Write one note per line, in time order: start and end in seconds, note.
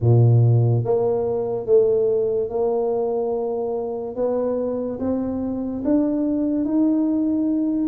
0.00 0.84 A#2
0.84 1.66 A#3
1.66 2.49 A3
2.49 4.15 A#3
4.15 4.98 B3
4.99 5.83 C4
5.84 6.64 D4
6.64 7.88 D#4